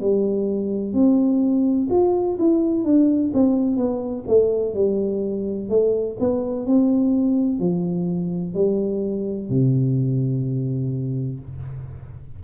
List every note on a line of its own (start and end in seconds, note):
0.00 0.93 G3
0.93 1.88 C4
1.90 2.38 F4
2.38 2.84 E4
2.84 3.32 D4
3.34 3.77 C4
3.77 4.24 B3
4.28 4.74 A3
4.74 5.69 G3
5.69 6.16 A3
6.19 6.66 B3
6.66 7.59 C4
7.59 8.54 F3
8.54 9.49 G3
9.49 11.40 C3